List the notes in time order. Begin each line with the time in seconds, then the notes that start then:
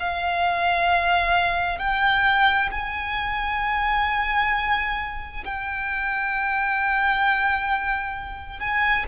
0.00 F5
1.79 G5
2.71 G#5
5.45 G5
8.60 G#5